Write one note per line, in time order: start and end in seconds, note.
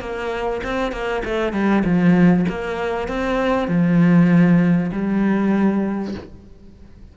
0.00 0.61 A#3
0.64 0.92 C4
0.92 1.23 A#3
1.24 1.53 A3
1.53 1.83 G3
1.85 2.46 F3
2.49 3.08 A#3
3.08 3.68 C4
3.68 4.91 F3
4.92 6.14 G3